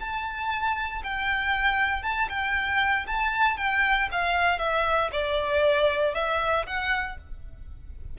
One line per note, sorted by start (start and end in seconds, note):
0.00 1.03 A5
1.04 2.03 G5
2.03 2.28 A5
2.29 3.06 G5
3.07 3.57 A5
3.57 4.09 G5
4.11 4.59 F5
4.59 5.10 E5
5.12 6.15 D5
6.15 6.66 E5
6.66 7.17 F#5